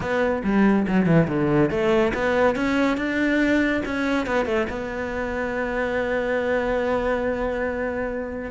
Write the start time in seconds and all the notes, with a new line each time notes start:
0.00 B3
0.43 G3
0.87 F#3
1.06 E3
1.27 D3
1.70 A3
2.14 B3
2.55 C#4
2.97 D4
3.85 C#4
4.26 B3
4.45 A3
4.69 B3